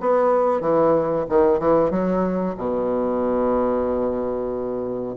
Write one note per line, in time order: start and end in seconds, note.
0.00 0.61 B3
0.61 1.25 E3
1.29 1.59 D#3
1.59 1.90 E3
1.90 2.55 F#3
2.57 5.16 B2